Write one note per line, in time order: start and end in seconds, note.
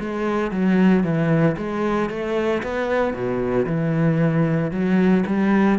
0.00 0.51 G#3
0.51 1.04 F#3
1.04 1.56 E3
1.57 2.10 G#3
2.10 2.62 A3
2.63 3.14 B3
3.14 3.66 B2
3.67 4.72 E3
4.72 5.24 F#3
5.27 5.79 G3